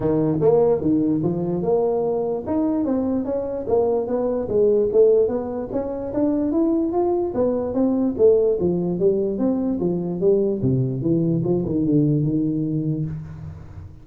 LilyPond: \new Staff \with { instrumentName = "tuba" } { \time 4/4 \tempo 4 = 147 dis4 ais4 dis4 f4 | ais2 dis'4 c'4 | cis'4 ais4 b4 gis4 | a4 b4 cis'4 d'4 |
e'4 f'4 b4 c'4 | a4 f4 g4 c'4 | f4 g4 c4 e4 | f8 dis8 d4 dis2 | }